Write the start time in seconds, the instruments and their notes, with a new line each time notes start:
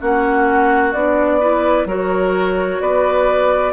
0.00 bassoon A#3, clarinet C#4, oboe F#4, flute F#5
0.93 bassoon B3, clarinet D4, flute D5
1.40 clarinet E4, oboe B4
1.85 bassoon F#3, clarinet F#4, oboe A#4, flute C#5
2.80 bassoon B3, oboe B4, flute D5